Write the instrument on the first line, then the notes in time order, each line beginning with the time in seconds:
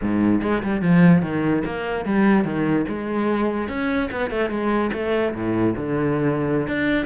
cello
0.01 G#2
0.41 G#3
0.62 G3
0.81 F3
1.22 D#3
1.65 A#3
2.05 G3
2.44 D#3
2.88 G#3
3.68 C#4
4.11 B3
4.30 A3
4.49 G#3
4.92 A3
5.34 A2
5.76 D3
6.67 D4